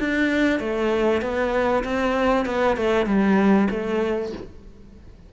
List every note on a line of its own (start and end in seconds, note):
0.00 0.60 D4
0.60 1.22 A3
1.22 1.84 B3
1.84 2.46 C4
2.46 2.77 B3
2.77 3.06 A3
3.06 3.68 G3
3.71 4.33 A3